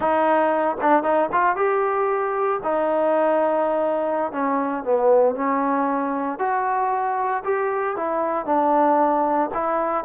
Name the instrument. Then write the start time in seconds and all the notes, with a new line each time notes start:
trombone
0.00 D#4
0.81 D4
1.03 D#4
1.32 F4
1.55 G4
2.63 D#4
4.32 C#4
4.84 B3
5.35 C#4
6.38 F#4
7.44 G4
7.96 E4
8.45 D4
9.54 E4